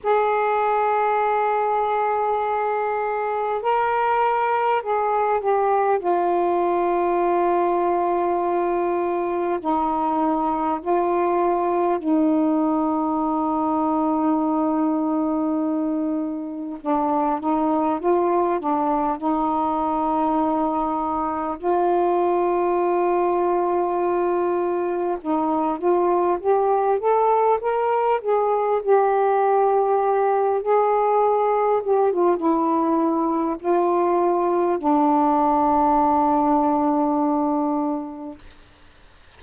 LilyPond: \new Staff \with { instrumentName = "saxophone" } { \time 4/4 \tempo 4 = 50 gis'2. ais'4 | gis'8 g'8 f'2. | dis'4 f'4 dis'2~ | dis'2 d'8 dis'8 f'8 d'8 |
dis'2 f'2~ | f'4 dis'8 f'8 g'8 a'8 ais'8 gis'8 | g'4. gis'4 g'16 f'16 e'4 | f'4 d'2. | }